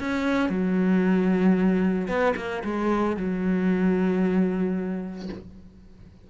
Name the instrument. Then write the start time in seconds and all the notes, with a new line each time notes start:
cello
0.00 C#4
0.49 F#3
2.08 B3
2.36 A#3
2.64 G#3
3.16 F#3